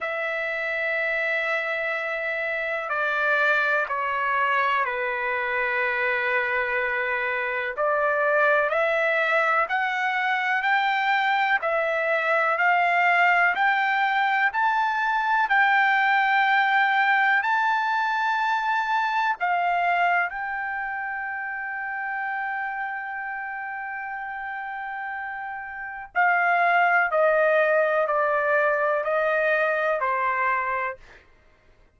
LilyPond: \new Staff \with { instrumentName = "trumpet" } { \time 4/4 \tempo 4 = 62 e''2. d''4 | cis''4 b'2. | d''4 e''4 fis''4 g''4 | e''4 f''4 g''4 a''4 |
g''2 a''2 | f''4 g''2.~ | g''2. f''4 | dis''4 d''4 dis''4 c''4 | }